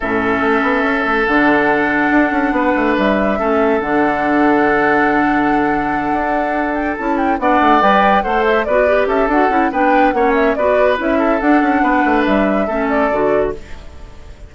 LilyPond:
<<
  \new Staff \with { instrumentName = "flute" } { \time 4/4 \tempo 4 = 142 e''2. fis''4~ | fis''2. e''4~ | e''4 fis''2.~ | fis''1 |
g''8 a''8 g''8 fis''4 g''4 fis''8 | e''8 d''4 e''8 fis''4 g''4 | fis''8 e''8 d''4 e''4 fis''4~ | fis''4 e''4. d''4. | }
  \new Staff \with { instrumentName = "oboe" } { \time 4/4 a'1~ | a'2 b'2 | a'1~ | a'1~ |
a'4. d''2 c''8~ | c''8 b'4 a'4. b'4 | cis''4 b'4. a'4. | b'2 a'2 | }
  \new Staff \with { instrumentName = "clarinet" } { \time 4/4 cis'2. d'4~ | d'1 | cis'4 d'2.~ | d'1~ |
d'8 e'4 d'4 b'4 a'8~ | a'8 fis'8 g'4 fis'8 e'8 d'4 | cis'4 fis'4 e'4 d'4~ | d'2 cis'4 fis'4 | }
  \new Staff \with { instrumentName = "bassoon" } { \time 4/4 a,4 a8 b8 cis'8 a8 d4~ | d4 d'8 cis'8 b8 a8 g4 | a4 d2.~ | d2~ d8 d'4.~ |
d'8 cis'4 b8 a8 g4 a8~ | a8 b4 cis'8 d'8 cis'8 b4 | ais4 b4 cis'4 d'8 cis'8 | b8 a8 g4 a4 d4 | }
>>